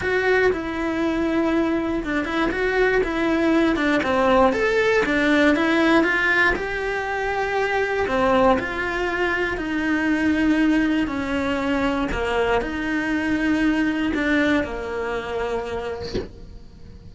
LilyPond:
\new Staff \with { instrumentName = "cello" } { \time 4/4 \tempo 4 = 119 fis'4 e'2. | d'8 e'8 fis'4 e'4. d'8 | c'4 a'4 d'4 e'4 | f'4 g'2. |
c'4 f'2 dis'4~ | dis'2 cis'2 | ais4 dis'2. | d'4 ais2. | }